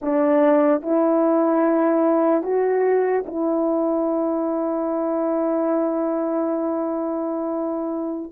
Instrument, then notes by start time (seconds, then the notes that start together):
horn
0.01 D4
0.82 E4
2.43 F#4
3.26 E4